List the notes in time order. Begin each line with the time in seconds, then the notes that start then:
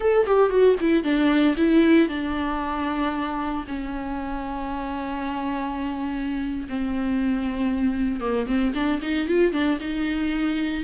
0.00 A4
0.26 G4
0.49 F#4
0.80 E4
1.03 D4
1.57 E4
2.08 D4
3.67 C#4
6.68 C4
8.20 A#3
8.46 C4
8.74 D4
9.01 D#4
9.28 F4
9.52 D4
9.80 D#4